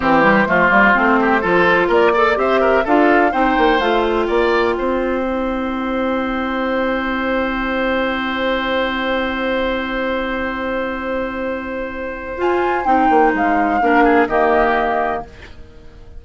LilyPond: <<
  \new Staff \with { instrumentName = "flute" } { \time 4/4 \tempo 4 = 126 c''1 | d''4 e''4 f''4 g''4 | f''8 g''2.~ g''8~ | g''1~ |
g''1~ | g''1~ | g''2 gis''4 g''4 | f''2 dis''2 | }
  \new Staff \with { instrumentName = "oboe" } { \time 4/4 g'4 f'4. g'8 a'4 | ais'8 d''8 c''8 ais'8 a'4 c''4~ | c''4 d''4 c''2~ | c''1~ |
c''1~ | c''1~ | c''1~ | c''4 ais'8 gis'8 g'2 | }
  \new Staff \with { instrumentName = "clarinet" } { \time 4/4 c'8 g8 a8 ais8 c'4 f'4~ | f'8 a'8 g'4 f'4 dis'4 | f'2. e'4~ | e'1~ |
e'1~ | e'1~ | e'2 f'4 dis'4~ | dis'4 d'4 ais2 | }
  \new Staff \with { instrumentName = "bassoon" } { \time 4/4 e4 f8 g8 a4 f4 | ais4 c'4 d'4 c'8 ais8 | a4 ais4 c'2~ | c'1~ |
c'1~ | c'1~ | c'2 f'4 c'8 ais8 | gis4 ais4 dis2 | }
>>